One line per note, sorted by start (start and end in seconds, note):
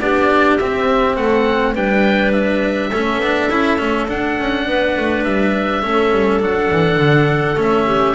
0.00 0.58 B3
0.00 0.60 D4
0.00 1.19 G4
0.00 0.58 D5
0.58 1.75 C4
0.58 1.17 C4
0.58 1.16 E5
1.16 1.75 A3
1.16 1.74 A4
1.16 1.75 F#5
1.74 2.92 G3
1.74 2.92 D4
1.74 2.90 B4
1.74 2.33 G5
2.33 4.08 E5
2.90 3.18 A3
2.90 3.23 C#4
2.90 4.65 A4
3.18 3.48 B3
3.18 3.51 D4
3.51 3.80 C#4
3.51 3.78 E4
3.78 4.09 A3
3.78 4.07 C#4
4.08 5.83 D4
4.08 4.38 D4
4.08 5.24 F#5
4.39 4.67 C#4
4.67 4.96 B3
4.67 5.83 B4
4.98 5.25 A3
5.24 5.83 G3
5.24 6.41 E5
5.83 6.12 A3
5.83 6.40 C#4
5.83 7.86 A4
6.12 6.41 G3
6.40 6.70 F#3
6.40 7.57 D4
6.40 7.60 F#5
6.71 6.98 E3
6.98 7.56 D3
7.57 8.15 A3
7.57 8.15 C#4
7.57 8.15 E5
7.86 8.15 G4